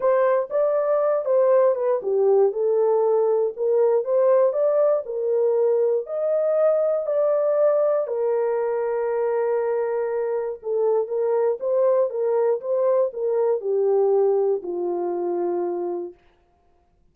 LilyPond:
\new Staff \with { instrumentName = "horn" } { \time 4/4 \tempo 4 = 119 c''4 d''4. c''4 b'8 | g'4 a'2 ais'4 | c''4 d''4 ais'2 | dis''2 d''2 |
ais'1~ | ais'4 a'4 ais'4 c''4 | ais'4 c''4 ais'4 g'4~ | g'4 f'2. | }